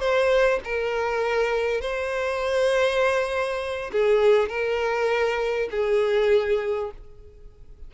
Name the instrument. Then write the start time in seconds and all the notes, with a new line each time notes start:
violin
0.00 C5
0.65 A#4
1.81 C5
3.92 G#4
4.49 A#4
5.71 G#4